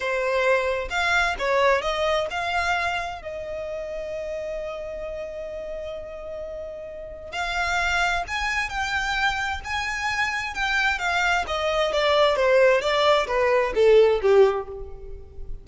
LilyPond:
\new Staff \with { instrumentName = "violin" } { \time 4/4 \tempo 4 = 131 c''2 f''4 cis''4 | dis''4 f''2 dis''4~ | dis''1~ | dis''1 |
f''2 gis''4 g''4~ | g''4 gis''2 g''4 | f''4 dis''4 d''4 c''4 | d''4 b'4 a'4 g'4 | }